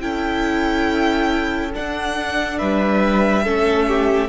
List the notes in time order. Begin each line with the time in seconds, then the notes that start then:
0.00 C#4 E4 A4 G5
1.73 D4 F#5
2.58 G3 B4 E5
3.44 A3 C#4 A4
3.87 G4